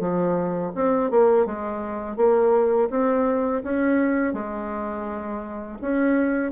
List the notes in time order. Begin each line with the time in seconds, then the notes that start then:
0.00 F3
0.75 C4
1.11 A#3
1.46 G#3
2.17 A#3
2.90 C4
3.64 C#4
4.34 G#3
5.82 C#4